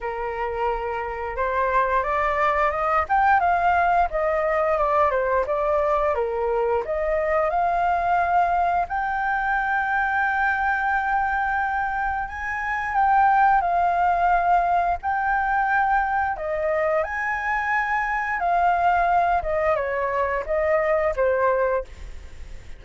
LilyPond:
\new Staff \with { instrumentName = "flute" } { \time 4/4 \tempo 4 = 88 ais'2 c''4 d''4 | dis''8 g''8 f''4 dis''4 d''8 c''8 | d''4 ais'4 dis''4 f''4~ | f''4 g''2.~ |
g''2 gis''4 g''4 | f''2 g''2 | dis''4 gis''2 f''4~ | f''8 dis''8 cis''4 dis''4 c''4 | }